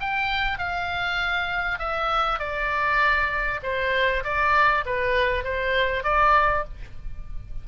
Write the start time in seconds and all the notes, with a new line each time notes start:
0.00 G5
0.58 F5
1.79 E5
2.39 D5
3.63 C5
4.24 D5
4.86 B4
5.44 C5
6.04 D5